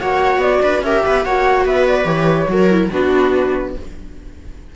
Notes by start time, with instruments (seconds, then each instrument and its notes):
0.00 cello A#3, viola F#4 C#5, flute F#5
0.38 cello B3, flute D5
0.62 cello D4, viola B4
0.81 cello C#4, viola G4 A#4, flute E5
1.05 cello B3, viola B4
1.24 cello A#3, viola F#4 C#5, flute F#5
1.65 cello B3, viola B4, flute E5
1.87 flute D5
2.05 cello E3, viola G4, flute C#5
2.48 cello F#3, viola F#4 A#4
2.70 viola E4
2.91 cello B3, viola D4 F#4, flute B4